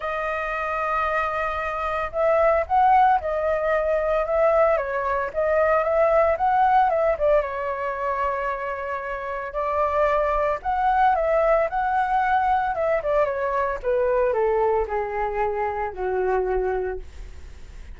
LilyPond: \new Staff \with { instrumentName = "flute" } { \time 4/4 \tempo 4 = 113 dis''1 | e''4 fis''4 dis''2 | e''4 cis''4 dis''4 e''4 | fis''4 e''8 d''8 cis''2~ |
cis''2 d''2 | fis''4 e''4 fis''2 | e''8 d''8 cis''4 b'4 a'4 | gis'2 fis'2 | }